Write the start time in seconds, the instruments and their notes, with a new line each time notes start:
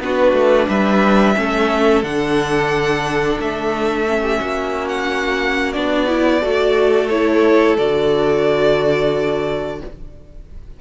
0.00 cello B3, viola D4, violin F#4 B4
0.33 cello A3
0.68 cello G3, violin B4 E5
1.35 cello A3, viola C#4, violin A4
2.03 cello D3, viola D4, violin F#5
3.39 cello A3, violin E5
4.07 viola C#4
4.21 violin G4
4.39 cello A#3, violin F#4
4.88 violin F#5
5.73 cello B3, viola D4, violin D5
6.07 viola E4
6.39 cello A3, viola F#4, violin A4
7.09 viola E4, violin C#5
7.77 cello D3, viola F#4, violin D5